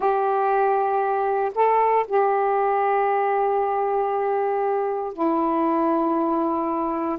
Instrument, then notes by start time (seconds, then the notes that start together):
saxophone
0.00 G4
1.54 A4
2.07 G4
5.13 E4